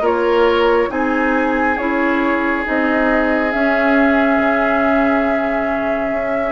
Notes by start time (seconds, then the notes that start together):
0.00 A#3 F4 A#4 C#5
0.88 C4 D#4 G#4 G#5
1.77 C#4 E4 C#5
2.64 C4 D#4 D#5
3.51 C#4 E5
4.38 C#3
6.11 C#4